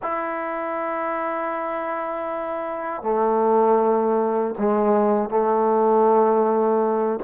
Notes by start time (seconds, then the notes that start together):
0.02 E4
3.02 A3
4.58 G#3
5.29 A3